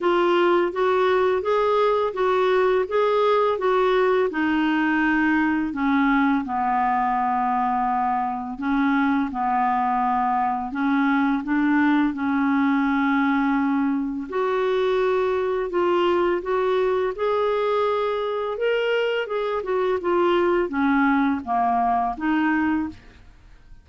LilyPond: \new Staff \with { instrumentName = "clarinet" } { \time 4/4 \tempo 4 = 84 f'4 fis'4 gis'4 fis'4 | gis'4 fis'4 dis'2 | cis'4 b2. | cis'4 b2 cis'4 |
d'4 cis'2. | fis'2 f'4 fis'4 | gis'2 ais'4 gis'8 fis'8 | f'4 cis'4 ais4 dis'4 | }